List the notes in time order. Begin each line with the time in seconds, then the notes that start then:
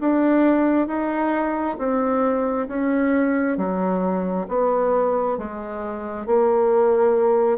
0.00 D4
0.87 D#4
1.77 C4
2.67 C#4
3.57 F#3
4.48 B3
5.37 G#3
6.26 A#3